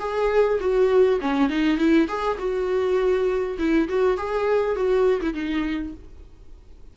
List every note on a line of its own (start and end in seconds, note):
0.00 0.59 G#4
0.60 1.20 F#4
1.21 1.50 C#4
1.50 1.78 D#4
1.78 2.08 E4
2.09 2.38 G#4
2.39 3.58 F#4
3.59 3.89 E4
3.89 4.18 F#4
4.18 4.76 G#4
4.76 5.21 F#4
5.21 5.34 E4
5.34 5.94 D#4